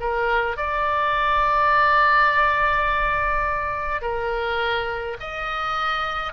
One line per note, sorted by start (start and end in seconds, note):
0.00 0.57 A#4
0.57 4.02 D5
4.02 5.17 A#4
5.20 6.33 D#5